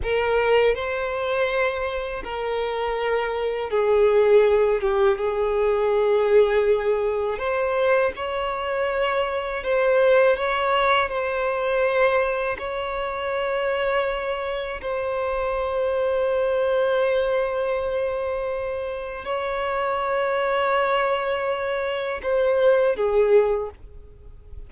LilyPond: \new Staff \with { instrumentName = "violin" } { \time 4/4 \tempo 4 = 81 ais'4 c''2 ais'4~ | ais'4 gis'4. g'8 gis'4~ | gis'2 c''4 cis''4~ | cis''4 c''4 cis''4 c''4~ |
c''4 cis''2. | c''1~ | c''2 cis''2~ | cis''2 c''4 gis'4 | }